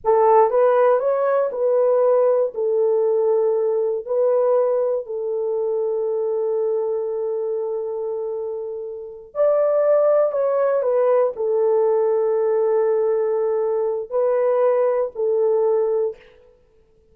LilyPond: \new Staff \with { instrumentName = "horn" } { \time 4/4 \tempo 4 = 119 a'4 b'4 cis''4 b'4~ | b'4 a'2. | b'2 a'2~ | a'1~ |
a'2~ a'8 d''4.~ | d''8 cis''4 b'4 a'4.~ | a'1 | b'2 a'2 | }